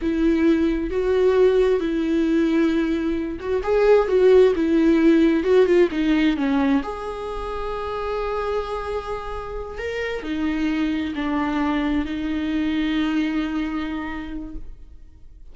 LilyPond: \new Staff \with { instrumentName = "viola" } { \time 4/4 \tempo 4 = 132 e'2 fis'2 | e'2.~ e'8 fis'8 | gis'4 fis'4 e'2 | fis'8 f'8 dis'4 cis'4 gis'4~ |
gis'1~ | gis'4. ais'4 dis'4.~ | dis'8 d'2 dis'4.~ | dis'1 | }